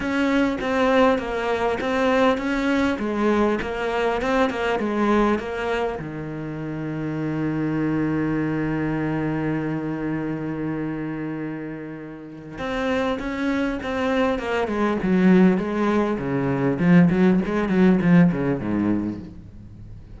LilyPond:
\new Staff \with { instrumentName = "cello" } { \time 4/4 \tempo 4 = 100 cis'4 c'4 ais4 c'4 | cis'4 gis4 ais4 c'8 ais8 | gis4 ais4 dis2~ | dis1~ |
dis1~ | dis4 c'4 cis'4 c'4 | ais8 gis8 fis4 gis4 cis4 | f8 fis8 gis8 fis8 f8 cis8 gis,4 | }